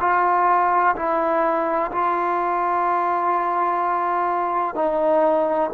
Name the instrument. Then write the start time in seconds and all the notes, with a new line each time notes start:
trombone
0.00 F4
0.96 E4
1.92 F4
4.75 D#4